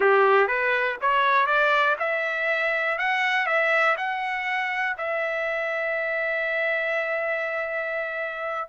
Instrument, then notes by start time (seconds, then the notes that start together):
trumpet
0.00 G4
0.47 B4
1.01 C#5
1.46 D5
1.99 E5
2.98 F#5
3.46 E5
3.97 F#5
4.97 E5